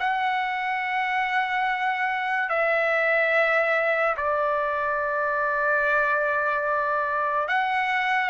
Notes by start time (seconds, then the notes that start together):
0.00 F#5
2.49 E5
4.17 D5
7.48 F#5